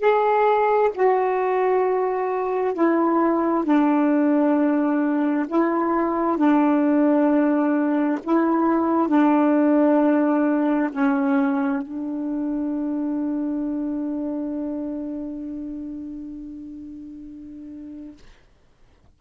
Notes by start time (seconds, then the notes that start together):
0.00 G#4
0.95 F#4
2.74 E4
3.65 D4
5.48 E4
6.38 D4
8.24 E4
9.09 D4
10.93 C#4
11.82 D4